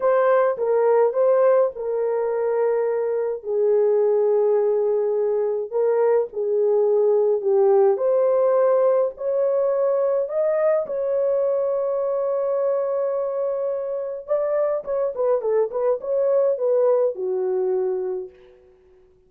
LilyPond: \new Staff \with { instrumentName = "horn" } { \time 4/4 \tempo 4 = 105 c''4 ais'4 c''4 ais'4~ | ais'2 gis'2~ | gis'2 ais'4 gis'4~ | gis'4 g'4 c''2 |
cis''2 dis''4 cis''4~ | cis''1~ | cis''4 d''4 cis''8 b'8 a'8 b'8 | cis''4 b'4 fis'2 | }